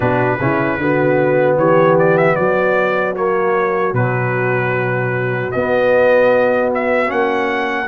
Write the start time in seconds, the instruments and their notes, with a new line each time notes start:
0.00 tuba B2, trombone D4, horn F#4, trumpet B4
0.39 tuba C#3, trombone C#4, horn E4
0.78 tuba D3, trombone B3, horn F#4
1.56 tuba E3, horn G4, trumpet C#5
1.99 trumpet D5
2.17 trumpet E5
2.35 tuba F#3, horn F#4, trumpet D5
3.15 trombone A#3, trumpet C#5
3.93 tuba B2, trombone F#3, trumpet B4
5.51 tuba B3, trombone B3, trumpet D#5
6.74 trumpet E5
7.06 tuba A#3, trombone C#4, trumpet F#5